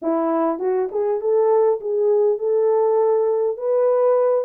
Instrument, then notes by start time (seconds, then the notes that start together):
horn
0.02 E4
0.59 F#4
0.91 G#4
1.20 A4
1.80 G#4
2.38 A4
3.57 B4